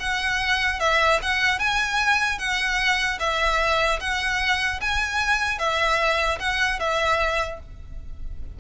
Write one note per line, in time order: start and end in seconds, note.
0.00 0.80 F#5
0.80 1.20 E5
1.23 1.59 F#5
1.59 2.39 G#5
2.39 3.19 F#5
3.20 4.00 E5
4.01 4.81 F#5
4.81 5.59 G#5
5.59 6.39 E5
6.40 6.80 F#5
6.80 7.60 E5